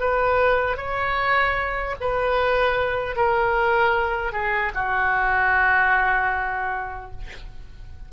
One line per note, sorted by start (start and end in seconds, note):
0.00 0.77 B4
0.77 1.95 C#5
2.00 3.16 B4
3.16 4.32 A#4
4.32 4.72 G#4
4.74 7.11 F#4